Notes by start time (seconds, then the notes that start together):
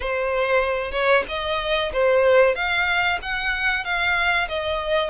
0.00 C5
0.91 C#5
1.28 D#5
1.92 C5
2.55 F5
3.21 F#5
3.84 F5
4.48 D#5